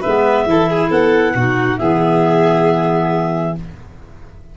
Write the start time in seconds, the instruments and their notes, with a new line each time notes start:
0.00 tuba G#3, clarinet B3 E5, violin B4
0.45 tuba E3, clarinet E4, violin A4
0.69 violin G#4
0.89 tuba B3, violin A4, clarinet F#5
1.34 tuba B2, clarinet D#4, violin F#4
1.78 tuba E3, clarinet B3 E5, violin G#4